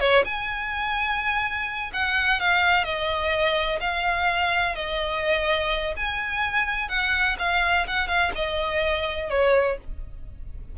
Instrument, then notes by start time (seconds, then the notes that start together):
violin
0.00 C#5
0.25 G#5
1.93 F#5
2.40 F5
2.84 D#5
3.81 F5
4.76 D#5
5.97 G#5
6.89 F#5
7.39 F5
7.87 F#5
8.08 F5
8.35 D#5
9.30 C#5